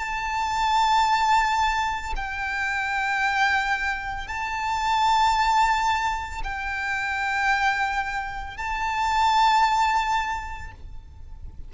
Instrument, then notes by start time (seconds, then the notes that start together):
violin
0.00 A5
2.16 G5
4.28 A5
6.44 G5
8.58 A5